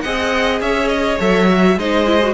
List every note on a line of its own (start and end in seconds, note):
0.00 0.60 C4
0.00 1.19 G#4
0.00 0.62 D#5
0.00 0.58 F#5
0.60 1.18 C#4
0.60 1.78 C#5
0.60 0.88 E5
0.88 1.17 D#5
1.19 1.76 F#3
1.19 1.48 A4
1.19 1.78 E5
1.48 1.77 F#4
1.76 2.33 G#3
1.76 2.05 D#4
1.76 2.33 C5
1.76 2.33 D#5
2.05 2.20 E4
2.22 2.33 F#4